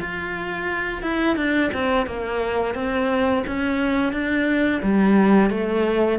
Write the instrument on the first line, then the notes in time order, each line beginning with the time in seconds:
cello
0.00 F4
1.03 E4
1.36 D4
1.74 C4
2.07 A#3
2.75 C4
3.47 C#4
4.13 D4
4.83 G3
5.50 A3